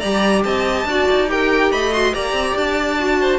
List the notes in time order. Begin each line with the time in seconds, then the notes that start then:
0.00 G3 G4 D5 A#5
0.44 C4 D#5 A5
0.85 D4 F#4 D5
1.11 D#4
1.28 G4 A#4 G5
1.72 A3 D#5 B5
1.93 F#4 C6
2.14 A#3 G4 D5 A#5
2.33 C4
2.56 D4 A5
2.99 F#4
3.21 C5